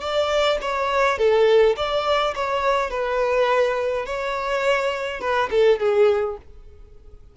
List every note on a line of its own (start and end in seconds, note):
0.00 0.58 D5
0.61 1.18 C#5
1.18 1.75 A4
1.76 2.34 D5
2.34 2.90 C#5
2.90 4.05 B4
4.05 5.20 C#5
5.20 5.49 B4
5.50 5.79 A4
5.79 6.37 G#4